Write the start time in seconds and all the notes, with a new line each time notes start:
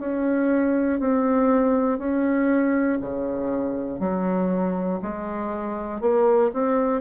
0.00 C#4
1.00 C4
1.99 C#4
3.01 C#3
4.00 F#3
5.02 G#3
6.01 A#3
6.53 C4